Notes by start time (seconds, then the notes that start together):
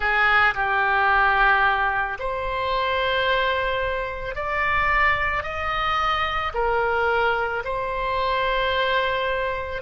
0.00 G#4
0.54 G4
2.19 C5
4.35 D5
5.43 D#5
6.54 A#4
7.64 C5